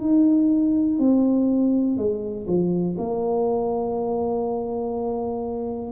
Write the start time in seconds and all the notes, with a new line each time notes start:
0.00 D#4
0.98 C4
1.97 G#3
2.47 F3
2.97 A#3